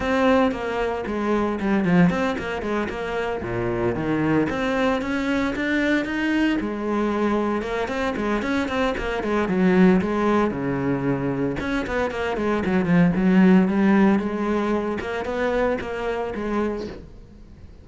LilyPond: \new Staff \with { instrumentName = "cello" } { \time 4/4 \tempo 4 = 114 c'4 ais4 gis4 g8 f8 | c'8 ais8 gis8 ais4 ais,4 dis8~ | dis8 c'4 cis'4 d'4 dis'8~ | dis'8 gis2 ais8 c'8 gis8 |
cis'8 c'8 ais8 gis8 fis4 gis4 | cis2 cis'8 b8 ais8 gis8 | fis8 f8 fis4 g4 gis4~ | gis8 ais8 b4 ais4 gis4 | }